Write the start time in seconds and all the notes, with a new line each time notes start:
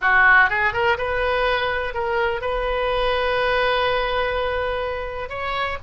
0.01 F#4
0.49 G#4
0.73 A#4
0.97 B4
1.94 A#4
2.41 B4
5.29 C#5